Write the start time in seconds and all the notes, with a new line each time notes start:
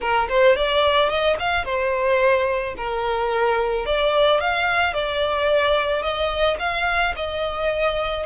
0.00 A#4
0.29 C5
0.56 D5
1.09 D#5
1.39 F5
1.64 C5
2.77 A#4
3.85 D5
4.40 F5
4.93 D5
6.02 D#5
6.59 F5
7.16 D#5